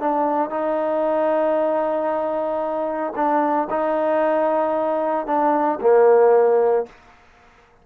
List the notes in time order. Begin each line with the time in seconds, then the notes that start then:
0.00 D4
0.50 D#4
3.16 D4
3.70 D#4
5.27 D4
5.81 A#3